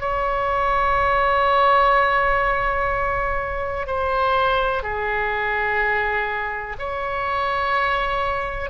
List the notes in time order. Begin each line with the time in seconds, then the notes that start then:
0.00 C#5
3.87 C5
4.83 G#4
6.78 C#5